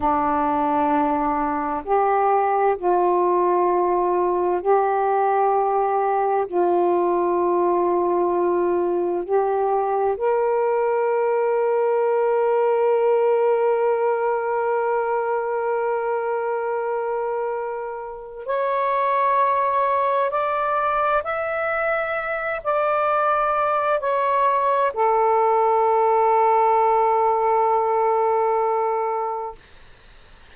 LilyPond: \new Staff \with { instrumentName = "saxophone" } { \time 4/4 \tempo 4 = 65 d'2 g'4 f'4~ | f'4 g'2 f'4~ | f'2 g'4 ais'4~ | ais'1~ |
ais'1 | cis''2 d''4 e''4~ | e''8 d''4. cis''4 a'4~ | a'1 | }